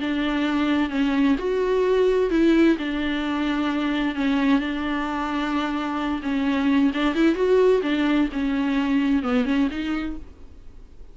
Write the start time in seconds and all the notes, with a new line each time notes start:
0.00 D4
0.89 C#4
1.38 F#4
2.30 E4
2.78 D4
4.15 C#4
4.59 D4
6.22 C#4
6.93 D4
7.14 E4
7.35 F#4
7.82 D4
8.32 C#4
9.22 B3
9.45 C#4
9.70 D#4